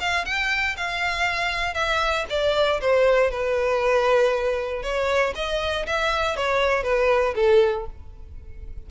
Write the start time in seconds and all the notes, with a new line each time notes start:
0.00 F5
0.25 G5
0.77 F5
1.74 E5
2.30 D5
2.81 C5
3.31 B4
4.83 C#5
5.36 D#5
5.87 E5
6.36 C#5
6.83 B4
7.35 A4